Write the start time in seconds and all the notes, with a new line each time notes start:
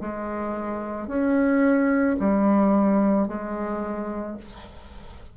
0.00 G#3
1.07 C#4
2.19 G3
3.27 G#3